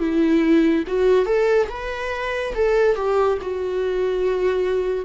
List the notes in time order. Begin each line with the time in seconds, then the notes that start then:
0.00 E4
0.88 F#4
1.26 A4
1.69 B4
2.55 A4
2.96 G4
3.42 F#4